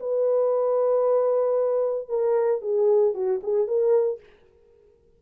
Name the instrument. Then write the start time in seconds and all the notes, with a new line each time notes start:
horn
0.00 B4
2.09 A#4
2.62 G#4
3.15 F#4
3.43 G#4
3.67 A#4